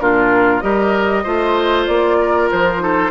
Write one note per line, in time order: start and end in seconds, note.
0.00 0.62 A#2
0.00 0.62 D4
0.00 0.63 F4
0.00 0.60 A#4
0.60 1.25 G3
0.60 1.24 G4
0.60 1.23 A#4
0.60 1.85 D#5
1.23 1.88 A3
1.23 2.79 F4
1.23 2.17 C5
1.86 2.50 A#3
1.86 2.49 D5
2.21 2.82 A#4
2.52 3.11 F3
2.52 3.11 C5
2.79 3.10 D#4
2.79 3.11 A4